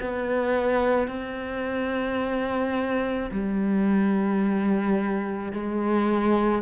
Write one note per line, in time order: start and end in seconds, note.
0.00 1.08 B3
1.08 3.30 C4
3.31 5.52 G3
5.52 6.62 G#3